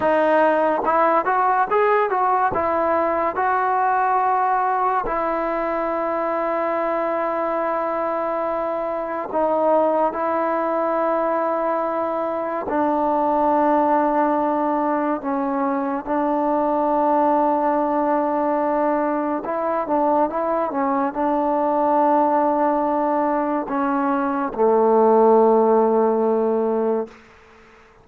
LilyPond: \new Staff \with { instrumentName = "trombone" } { \time 4/4 \tempo 4 = 71 dis'4 e'8 fis'8 gis'8 fis'8 e'4 | fis'2 e'2~ | e'2. dis'4 | e'2. d'4~ |
d'2 cis'4 d'4~ | d'2. e'8 d'8 | e'8 cis'8 d'2. | cis'4 a2. | }